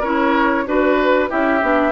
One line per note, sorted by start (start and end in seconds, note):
0.00 0.66 C#4
0.00 0.66 E4
0.00 0.64 A#4
0.00 0.67 C#5
0.66 1.30 D4
0.66 1.29 F#4
0.66 1.31 B4
0.66 1.30 B4
1.29 1.62 C#4
1.29 1.61 E4
1.29 1.92 G4
1.29 1.92 E5
1.61 1.92 B3
1.61 1.92 D4